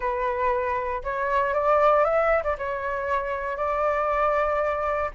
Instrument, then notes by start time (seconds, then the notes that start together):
flute
0.00 B4
1.03 C#5
1.53 D5
2.04 E5
2.43 D5
2.58 C#5
3.56 D5